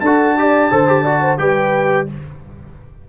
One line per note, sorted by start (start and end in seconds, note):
0.00 0.70 D4
0.00 0.38 F#4
0.00 0.37 A4
0.00 1.38 A5
0.38 0.71 G4
0.38 0.72 D5
0.71 1.39 D3
0.71 0.87 A4
0.71 1.03 C5
0.87 1.05 G4
1.03 1.38 F#4
1.03 1.20 D5
1.21 1.38 C5
1.38 2.08 G3
1.38 2.07 G4
1.38 2.09 B4
1.38 2.07 G5